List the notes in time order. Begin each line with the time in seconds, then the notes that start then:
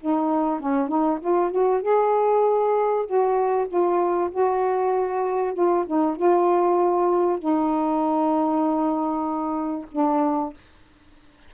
0.00 D#4
0.60 C#4
0.88 D#4
1.20 F4
1.51 F#4
1.82 G#4
3.05 F#4
3.68 F4
4.31 F#4
5.54 F4
5.87 D#4
6.16 F4
7.39 D#4
9.91 D4